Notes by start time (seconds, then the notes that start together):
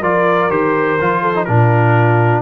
0.00 F3 F4 A#4 D5
0.49 D#3 G4 C5
1.00 F3 F4
1.21 A4
1.34 D#4
1.45 A#2 D4 F4 A#4